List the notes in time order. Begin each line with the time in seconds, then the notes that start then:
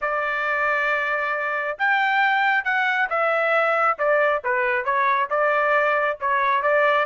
0.01 D5
1.78 G5
2.64 F#5
3.09 E5
3.98 D5
4.44 B4
4.84 C#5
5.29 D5
6.20 C#5
6.62 D5